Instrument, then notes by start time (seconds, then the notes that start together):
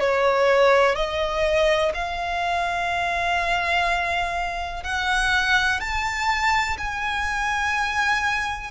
violin
0.00 C#5
0.96 D#5
1.95 F5
4.84 F#5
5.81 A5
6.78 G#5